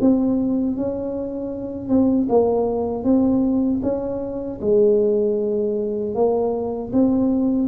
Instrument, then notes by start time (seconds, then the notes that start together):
tuba
0.00 C4
0.76 C#4
1.88 C4
2.29 A#3
3.03 C4
3.83 C#4
4.60 G#3
6.14 A#3
6.92 C4